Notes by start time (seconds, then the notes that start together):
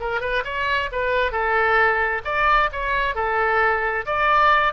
0.00 A#4
0.21 B4
0.44 C#5
0.91 B4
1.31 A4
2.25 D5
2.72 C#5
3.15 A4
4.06 D5